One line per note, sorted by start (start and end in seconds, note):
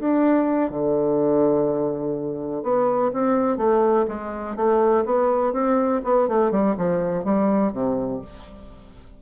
0.00 0.70 D4
0.70 2.63 D3
2.63 3.12 B3
3.13 3.58 C4
3.58 4.06 A3
4.09 4.57 G#3
4.57 5.05 A3
5.06 5.53 B3
5.53 6.02 C4
6.05 6.28 B3
6.28 6.52 A3
6.52 6.76 G3
6.77 7.24 F3
7.24 7.73 G3
7.73 8.21 C3